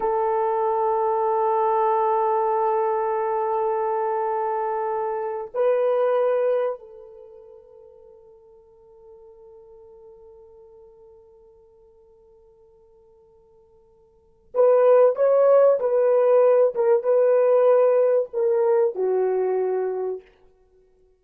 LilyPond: \new Staff \with { instrumentName = "horn" } { \time 4/4 \tempo 4 = 95 a'1~ | a'1~ | a'8. b'2 a'4~ a'16~ | a'1~ |
a'1~ | a'2. b'4 | cis''4 b'4. ais'8 b'4~ | b'4 ais'4 fis'2 | }